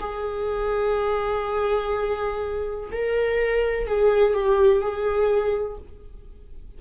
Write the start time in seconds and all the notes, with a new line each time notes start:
0.00 G#4
2.92 A#4
3.87 G#4
4.34 G4
4.81 G#4